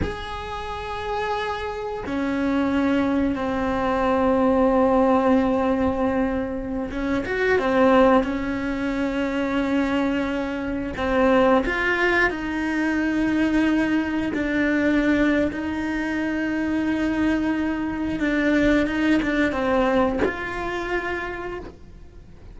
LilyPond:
\new Staff \with { instrumentName = "cello" } { \time 4/4 \tempo 4 = 89 gis'2. cis'4~ | cis'4 c'2.~ | c'2~ c'16 cis'8 fis'8 c'8.~ | c'16 cis'2.~ cis'8.~ |
cis'16 c'4 f'4 dis'4.~ dis'16~ | dis'4~ dis'16 d'4.~ d'16 dis'4~ | dis'2. d'4 | dis'8 d'8 c'4 f'2 | }